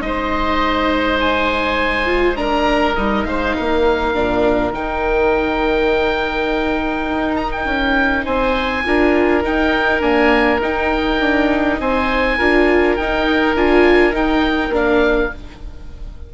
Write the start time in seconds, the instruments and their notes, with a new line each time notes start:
0.00 bassoon G#3, viola D#4, oboe C5 D#5
1.20 oboe G#5
2.06 viola F4
2.36 viola D4, oboe A#4 A#5
2.95 bassoon G3, viola D#4, oboe D#5
3.24 bassoon G#3, oboe C5 F5
3.56 bassoon A#3, oboe A#4
4.14 bassoon A#2, viola D4
4.71 bassoon D#3, viola D#4, oboe G5
7.09 bassoon D#4
7.36 oboe A#5
7.52 oboe G5
7.65 bassoon C#4
8.25 bassoon C4, oboe C5 G#5
8.85 bassoon D4, viola F4, oboe A#4
9.43 viola D#4, bassoon D#4, oboe G5
10.00 viola A#3, bassoon D4, oboe G#5
10.59 bassoon D#4, viola D#4, oboe G5
11.20 bassoon D4
11.79 bassoon C4, oboe C5 G#5
12.38 bassoon D4, viola F4, oboe A#4
12.96 bassoon D#4, viola D#4, oboe G5
13.55 bassoon D4, viola F4, oboe G#5
14.12 viola D#4, bassoon D#4, oboe G5
14.69 bassoon A#3, viola D4
14.75 oboe F5